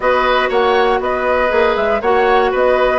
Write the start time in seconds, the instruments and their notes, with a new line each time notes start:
0.00 bassoon B3, clarinet F#4, oboe B4, flute D#5
0.49 bassoon A#3, oboe C#5, flute F#5
1.00 bassoon B3, oboe B4, flute D#5
1.48 bassoon A#3, clarinet G#4
1.76 bassoon G#3, flute E5
2.01 bassoon A#3, clarinet F#4, oboe C#5, flute F#5
2.51 bassoon B3, oboe B4, flute D#5